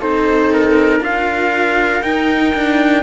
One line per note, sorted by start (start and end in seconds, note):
0.00 1.00 C4
0.00 1.00 D#4
0.00 1.01 A4
0.00 0.52 C5
0.53 1.03 A#4
1.00 2.02 D4
1.00 2.01 F4
1.00 3.03 A#4
1.00 2.02 F5
2.02 2.54 D#4
2.02 3.03 D#4
2.02 3.03 G5
2.54 3.03 D4